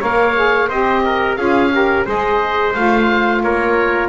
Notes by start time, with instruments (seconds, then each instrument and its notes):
0.00 double bass A#3, saxophone A#4, trumpet C#5, oboe F5
0.36 saxophone G#4
0.69 double bass C4, saxophone G4, trumpet C5, oboe D#5
1.06 trumpet A#4
1.37 double bass C#4, saxophone F4, trumpet G#4, oboe F5
1.73 saxophone G4, trumpet A#4
2.06 double bass G#3, saxophone G#4, trumpet C5, oboe D#5
2.75 double bass A3, saxophone F4, oboe F5
3.43 double bass A#3, trumpet A#4, oboe C#5